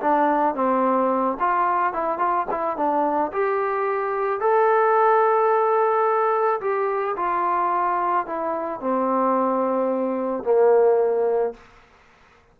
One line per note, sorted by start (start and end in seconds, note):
0.00 0.54 D4
0.54 1.37 C4
1.39 1.93 F4
1.93 2.18 E4
2.18 2.46 F4
2.50 2.76 E4
2.76 3.31 D4
3.32 4.40 G4
4.40 6.60 A4
6.60 7.15 G4
7.16 8.26 F4
8.26 8.80 E4
8.80 10.43 C4
10.43 11.53 A#3